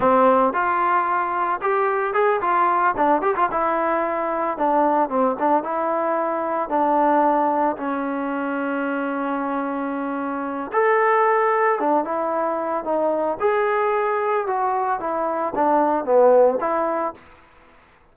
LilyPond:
\new Staff \with { instrumentName = "trombone" } { \time 4/4 \tempo 4 = 112 c'4 f'2 g'4 | gis'8 f'4 d'8 g'16 f'16 e'4.~ | e'8 d'4 c'8 d'8 e'4.~ | e'8 d'2 cis'4.~ |
cis'1 | a'2 d'8 e'4. | dis'4 gis'2 fis'4 | e'4 d'4 b4 e'4 | }